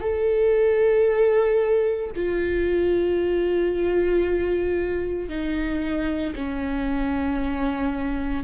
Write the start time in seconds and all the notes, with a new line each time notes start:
0.00 A4
2.15 F4
5.29 D#4
6.35 C#4